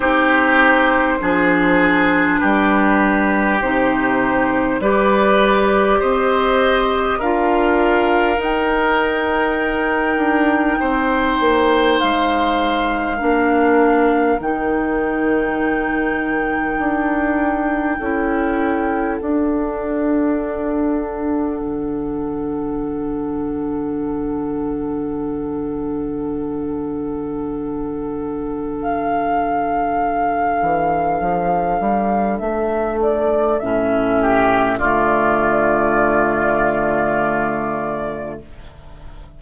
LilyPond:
<<
  \new Staff \with { instrumentName = "flute" } { \time 4/4 \tempo 4 = 50 c''2 b'4 c''4 | d''4 dis''4 f''4 g''4~ | g''2 f''2 | g''1 |
fis''1~ | fis''1 | f''2. e''8 d''8 | e''4 d''2. | }
  \new Staff \with { instrumentName = "oboe" } { \time 4/4 g'4 gis'4 g'2 | b'4 c''4 ais'2~ | ais'4 c''2 ais'4~ | ais'2. a'4~ |
a'1~ | a'1~ | a'1~ | a'8 g'8 f'2. | }
  \new Staff \with { instrumentName = "clarinet" } { \time 4/4 dis'4 d'2 dis'4 | g'2 f'4 dis'4~ | dis'2. d'4 | dis'2. e'4 |
d'1~ | d'1~ | d'1 | cis'4 a2. | }
  \new Staff \with { instrumentName = "bassoon" } { \time 4/4 c'4 f4 g4 c4 | g4 c'4 d'4 dis'4~ | dis'8 d'8 c'8 ais8 gis4 ais4 | dis2 d'4 cis'4 |
d'2 d2~ | d1~ | d4. e8 f8 g8 a4 | a,4 d2. | }
>>